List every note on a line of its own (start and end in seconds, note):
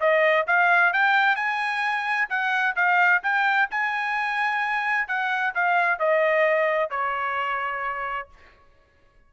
0.00 0.46 D#5
0.46 0.93 F5
0.93 1.36 G5
1.36 2.28 G#5
2.29 2.75 F#5
2.76 3.22 F5
3.22 3.69 G5
3.70 5.07 G#5
5.07 5.53 F#5
5.54 5.99 F5
5.99 6.90 D#5
6.90 8.28 C#5